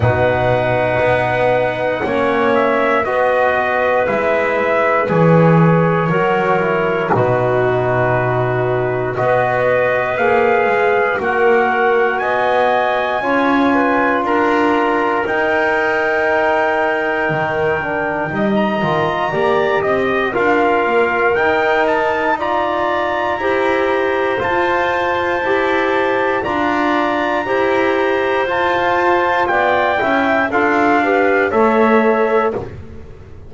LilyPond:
<<
  \new Staff \with { instrumentName = "trumpet" } { \time 4/4 \tempo 4 = 59 fis''2~ fis''8 e''8 dis''4 | e''4 cis''2 b'4~ | b'4 dis''4 f''4 fis''4 | gis''2 ais''4 g''4~ |
g''2~ g''16 ais''4~ ais''16 dis''8 | f''4 g''8 a''8 ais''2 | a''2 ais''2 | a''4 g''4 f''4 e''4 | }
  \new Staff \with { instrumentName = "clarinet" } { \time 4/4 b'2 cis''4 b'4~ | b'2 ais'4 fis'4~ | fis'4 b'2 ais'4 | dis''4 cis''8 b'8 ais'2~ |
ais'2 dis''4 d''8 dis''8 | ais'2 d''4 c''4~ | c''2 d''4 c''4~ | c''4 d''8 e''8 a'8 b'8 cis''4 | }
  \new Staff \with { instrumentName = "trombone" } { \time 4/4 dis'2 cis'4 fis'4 | e'4 gis'4 fis'8 e'8 dis'4~ | dis'4 fis'4 gis'4 fis'4~ | fis'4 f'2 dis'4~ |
dis'4. d'8 dis'8 f'8 g'4 | f'4 dis'4 f'4 g'4 | f'4 g'4 f'4 g'4 | f'4. e'8 f'8 g'8 a'4 | }
  \new Staff \with { instrumentName = "double bass" } { \time 4/4 b,4 b4 ais4 b4 | gis4 e4 fis4 b,4~ | b,4 b4 ais8 gis8 ais4 | b4 cis'4 d'4 dis'4~ |
dis'4 dis4 g8 dis8 ais8 c'8 | d'8 ais8 dis'2 e'4 | f'4 e'4 d'4 e'4 | f'4 b8 cis'8 d'4 a4 | }
>>